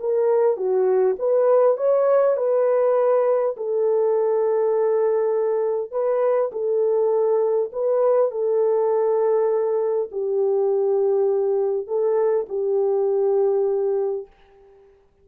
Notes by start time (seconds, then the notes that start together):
0.00 A#4
0.57 F#4
1.19 B4
1.77 C#5
2.37 B4
3.57 A4
5.91 B4
6.52 A4
7.73 B4
8.31 A4
10.12 G4
11.87 A4
12.49 G4